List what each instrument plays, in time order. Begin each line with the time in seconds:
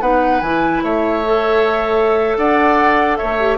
0.00 bassoon B3, clarinet D#4, oboe B4, flute F#5
0.40 bassoon E3, clarinet E4, flute G#5
0.83 bassoon A3, oboe C#5, flute E5
1.24 clarinet A4
2.37 bassoon D4, oboe D5, flute F#5
3.17 bassoon A3, oboe C#5, flute E5
3.40 clarinet G4